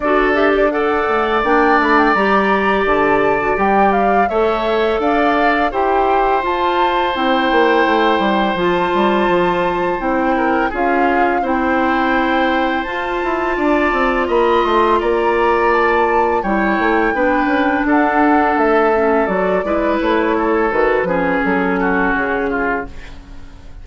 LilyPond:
<<
  \new Staff \with { instrumentName = "flute" } { \time 4/4 \tempo 4 = 84 d''8 e''16 d''16 fis''4 g''8 b''16 g''16 ais''4 | a''4 g''8 f''8 e''4 f''4 | g''4 a''4 g''2 | a''2 g''4 f''4 |
g''2 a''2 | b''8 c'''8 ais''4 a''4 g''4~ | g''4 fis''4 e''4 d''4 | cis''4 b'4 a'4 gis'4 | }
  \new Staff \with { instrumentName = "oboe" } { \time 4/4 a'4 d''2.~ | d''2 cis''4 d''4 | c''1~ | c''2~ c''8 ais'8 gis'4 |
c''2. d''4 | dis''4 d''2 cis''4 | b'4 a'2~ a'8 b'8~ | b'8 a'4 gis'4 fis'4 f'8 | }
  \new Staff \with { instrumentName = "clarinet" } { \time 4/4 fis'8 g'8 a'4 d'4 g'4~ | g'8. fis'16 g'4 a'2 | g'4 f'4 e'2 | f'2 e'4 f'4 |
e'2 f'2~ | f'2. e'4 | d'2~ d'8 cis'8 fis'8 e'8~ | e'4 fis'8 cis'2~ cis'8 | }
  \new Staff \with { instrumentName = "bassoon" } { \time 4/4 d'4. a8 ais8 a8 g4 | d4 g4 a4 d'4 | e'4 f'4 c'8 ais8 a8 g8 | f8 g8 f4 c'4 cis'4 |
c'2 f'8 e'8 d'8 c'8 | ais8 a8 ais2 g8 a8 | b8 cis'8 d'4 a4 fis8 gis8 | a4 dis8 f8 fis4 cis4 | }
>>